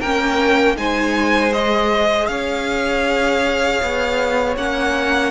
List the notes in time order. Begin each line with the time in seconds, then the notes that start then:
0.00 A#3 C#4 A#4 G5
0.75 G#3 D#4 C5 G#5
1.53 G#4 D#5
2.26 C#4 C#5 F5
3.81 B3
4.56 A#3 C#4 F#5